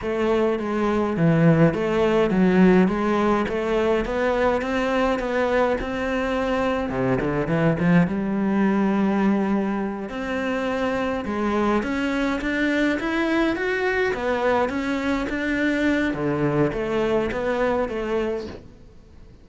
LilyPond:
\new Staff \with { instrumentName = "cello" } { \time 4/4 \tempo 4 = 104 a4 gis4 e4 a4 | fis4 gis4 a4 b4 | c'4 b4 c'2 | c8 d8 e8 f8 g2~ |
g4. c'2 gis8~ | gis8 cis'4 d'4 e'4 fis'8~ | fis'8 b4 cis'4 d'4. | d4 a4 b4 a4 | }